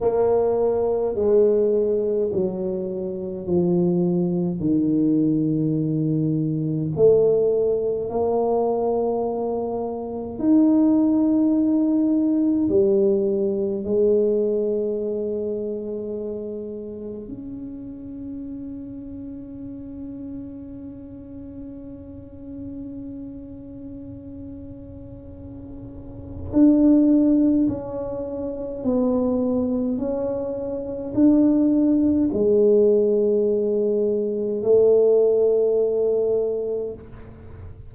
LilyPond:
\new Staff \with { instrumentName = "tuba" } { \time 4/4 \tempo 4 = 52 ais4 gis4 fis4 f4 | dis2 a4 ais4~ | ais4 dis'2 g4 | gis2. cis'4~ |
cis'1~ | cis'2. d'4 | cis'4 b4 cis'4 d'4 | gis2 a2 | }